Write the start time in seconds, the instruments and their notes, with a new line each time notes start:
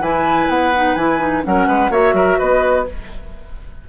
0.00 bassoon E3, clarinet E4, oboe B4, flute G#5
0.49 bassoon B3, flute F#5
0.75 clarinet D#4
0.95 bassoon E3, clarinet E4, flute G#5
1.19 clarinet D#4
1.43 bassoon F#3, clarinet C#4, oboe A#4, flute F#5
1.68 bassoon G#3, oboe B4
1.90 bassoon A#3, clarinet F#4, oboe C#5, flute E5
2.13 bassoon F#3, oboe A#4
2.38 bassoon B3, oboe B4, flute D#5